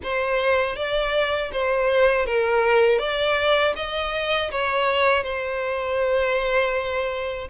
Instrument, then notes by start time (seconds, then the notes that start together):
violin
0.03 C5
0.75 D5
1.52 C5
2.25 A#4
2.99 D5
3.75 D#5
4.51 C#5
5.23 C5